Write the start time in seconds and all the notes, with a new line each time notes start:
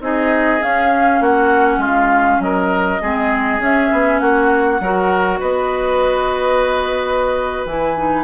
0.00 C4 D#4 G#4 D#5
0.60 C#4 F5
1.20 A#3 F#4 F#5
1.78 G#3 F4
1.85 F5
2.39 F#3 A#4 D#5
3.01 G#3 C4 G#4
3.58 C#4 E5
3.92 B3
4.19 A#3 F#4 F#5
4.80 F#3 F#4 A#4
5.39 B3 B4 D#5
7.65 E3 E4 G#5
7.97 D#4